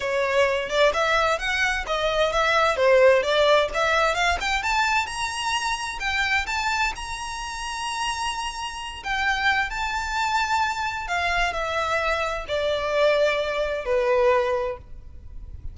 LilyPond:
\new Staff \with { instrumentName = "violin" } { \time 4/4 \tempo 4 = 130 cis''4. d''8 e''4 fis''4 | dis''4 e''4 c''4 d''4 | e''4 f''8 g''8 a''4 ais''4~ | ais''4 g''4 a''4 ais''4~ |
ais''2.~ ais''8 g''8~ | g''4 a''2. | f''4 e''2 d''4~ | d''2 b'2 | }